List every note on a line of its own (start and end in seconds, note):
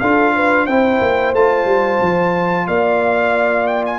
0.00 0.67 D4
0.00 0.69 F4
0.00 0.35 A4
0.00 0.67 F5
0.36 0.66 B4
0.66 1.01 C4
0.66 1.36 E4
0.66 2.66 C5
0.66 1.34 G5
1.01 1.34 A#3
1.34 1.66 A3
1.34 4.00 F4
1.34 2.68 A5
1.66 1.99 G3
2.02 2.68 F3
2.68 4.00 A#3
2.68 4.00 D5
2.68 3.67 F5
3.67 3.84 G5
3.86 4.00 G#5